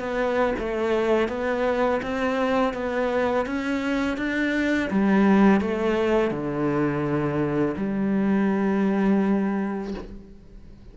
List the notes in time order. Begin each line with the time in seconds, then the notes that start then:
0.00 B3
0.59 A3
1.29 B3
2.03 C4
2.74 B3
3.46 C#4
4.18 D4
4.91 G3
5.61 A3
6.31 D3
7.77 G3